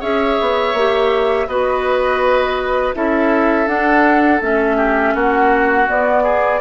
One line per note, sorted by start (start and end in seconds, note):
0.00 0.38 C#4
0.00 0.74 G#4
0.00 1.46 C#5
0.00 1.47 E5
0.40 0.73 B3
0.73 1.46 A#3
0.73 1.48 G4
1.47 2.93 B3
1.47 2.94 F#4
1.47 2.95 B4
1.47 2.93 D#5
2.94 3.67 C#4
2.94 3.66 E4
2.94 4.77 A4
2.94 3.67 E5
3.66 4.40 D4
3.66 4.40 F#5
4.40 5.14 A3
4.40 5.87 C#4
4.40 5.15 E5
4.77 5.13 G4
5.14 5.87 A#3
5.14 6.23 F#4
5.14 5.88 F#5
5.87 6.60 B3
5.87 6.60 D5
6.23 6.59 G#4